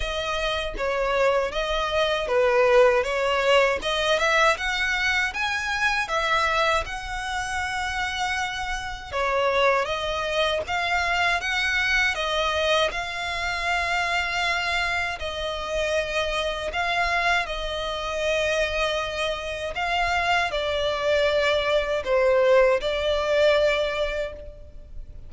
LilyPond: \new Staff \with { instrumentName = "violin" } { \time 4/4 \tempo 4 = 79 dis''4 cis''4 dis''4 b'4 | cis''4 dis''8 e''8 fis''4 gis''4 | e''4 fis''2. | cis''4 dis''4 f''4 fis''4 |
dis''4 f''2. | dis''2 f''4 dis''4~ | dis''2 f''4 d''4~ | d''4 c''4 d''2 | }